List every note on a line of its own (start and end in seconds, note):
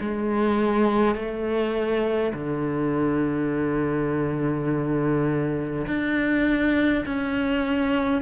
0.00 1.15 G#3
1.15 2.33 A3
2.33 5.86 D3
5.87 7.04 D4
7.05 8.21 C#4